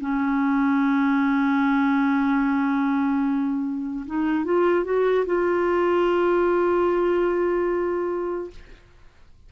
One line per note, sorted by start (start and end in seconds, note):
0.00 4.05 C#4
4.06 4.44 D#4
4.44 4.84 F4
4.84 5.25 F#4
5.26 8.50 F4